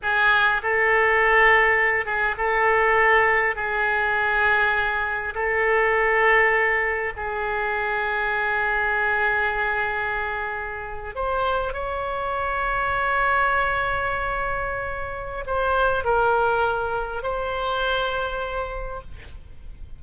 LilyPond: \new Staff \with { instrumentName = "oboe" } { \time 4/4 \tempo 4 = 101 gis'4 a'2~ a'8 gis'8 | a'2 gis'2~ | gis'4 a'2. | gis'1~ |
gis'2~ gis'8. c''4 cis''16~ | cis''1~ | cis''2 c''4 ais'4~ | ais'4 c''2. | }